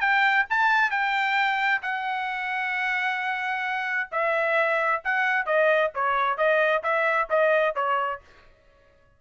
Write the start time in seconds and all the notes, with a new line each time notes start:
0.00 G5
0.50 A5
0.91 G5
1.82 F#5
4.11 E5
5.04 F#5
5.46 D#5
5.95 C#5
6.37 D#5
6.83 E5
7.30 D#5
7.75 C#5